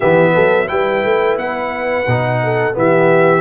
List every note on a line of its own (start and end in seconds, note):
0.00 0.36 E3
0.00 0.67 B3
0.00 0.32 G4
0.00 0.68 E5
0.34 0.70 F#3
0.34 0.69 A4
0.67 1.03 G3
0.67 2.05 E4
0.67 2.43 B4
0.67 1.37 G5
1.03 1.36 A3
1.36 2.05 B3
1.36 2.76 F#5
2.07 2.76 B2
2.07 2.73 D#4
2.43 2.77 A4
2.73 3.41 E3
2.73 3.41 B3
2.73 3.41 G4
2.73 3.41 E5